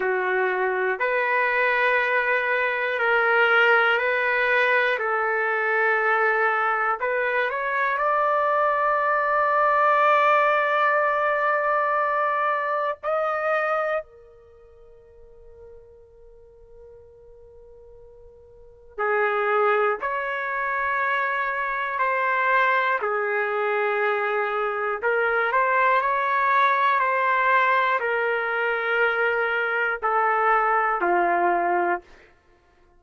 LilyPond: \new Staff \with { instrumentName = "trumpet" } { \time 4/4 \tempo 4 = 60 fis'4 b'2 ais'4 | b'4 a'2 b'8 cis''8 | d''1~ | d''4 dis''4 ais'2~ |
ais'2. gis'4 | cis''2 c''4 gis'4~ | gis'4 ais'8 c''8 cis''4 c''4 | ais'2 a'4 f'4 | }